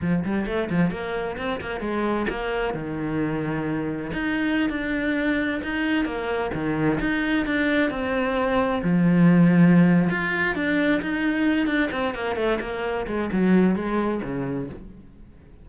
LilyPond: \new Staff \with { instrumentName = "cello" } { \time 4/4 \tempo 4 = 131 f8 g8 a8 f8 ais4 c'8 ais8 | gis4 ais4 dis2~ | dis4 dis'4~ dis'16 d'4.~ d'16~ | d'16 dis'4 ais4 dis4 dis'8.~ |
dis'16 d'4 c'2 f8.~ | f2 f'4 d'4 | dis'4. d'8 c'8 ais8 a8 ais8~ | ais8 gis8 fis4 gis4 cis4 | }